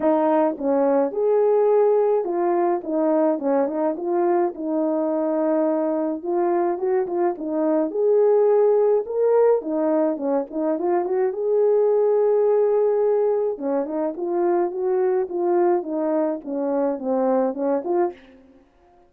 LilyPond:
\new Staff \with { instrumentName = "horn" } { \time 4/4 \tempo 4 = 106 dis'4 cis'4 gis'2 | f'4 dis'4 cis'8 dis'8 f'4 | dis'2. f'4 | fis'8 f'8 dis'4 gis'2 |
ais'4 dis'4 cis'8 dis'8 f'8 fis'8 | gis'1 | cis'8 dis'8 f'4 fis'4 f'4 | dis'4 cis'4 c'4 cis'8 f'8 | }